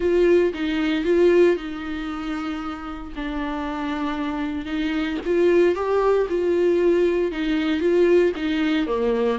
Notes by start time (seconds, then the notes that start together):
0.00 F4
0.53 D#4
1.04 F4
1.56 D#4
3.15 D4
4.65 D#4
5.25 F4
5.75 G4
6.29 F4
7.31 D#4
7.80 F4
8.36 D#4
8.86 A#3